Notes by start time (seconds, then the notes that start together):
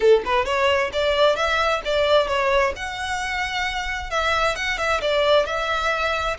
0.00 A4
0.25 B4
0.45 C#5
0.92 D5
1.35 E5
1.85 D5
2.27 C#5
2.76 F#5
4.10 E5
4.55 F#5
4.78 E5
5.01 D5
5.45 E5